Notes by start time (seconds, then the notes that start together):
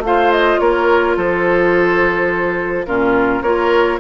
0.00 A3 F4 F5
0.06 C5
0.32 D#5
0.59 A#3 A#4 C#5
1.17 F3 A4 C5
2.86 A#2 C#4 F4 A#4
3.42 A#3 F4 A#4 C#5